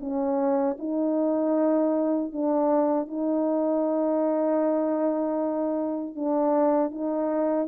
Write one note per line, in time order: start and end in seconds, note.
0.00 0.77 C#4
0.79 2.33 D#4
2.33 3.07 D4
3.07 6.15 D#4
6.15 6.91 D4
6.91 7.68 D#4